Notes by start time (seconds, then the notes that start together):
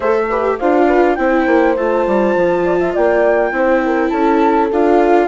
0.00 A3 A4 C5 E5
0.29 G4 B4
0.58 D4 F4 C5 F5
0.87 B4
1.15 C4 E4 C5 G5
1.47 A#3
1.76 A3 F4 A5
2.06 G3
2.35 F3
2.64 D5
2.80 E5
2.93 A#3 D5 G5
3.51 C4 E4 C5
3.85 A#4
4.09 C#4 A4 A5
4.71 D4 F4 F5